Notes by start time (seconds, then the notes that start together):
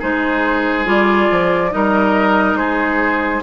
0.00 G#3 D#4 G#4 C5
0.86 G3 F4 D5
1.31 F3
1.71 G3 D#4 A#4 D#5
2.54 G#3 G#4 C5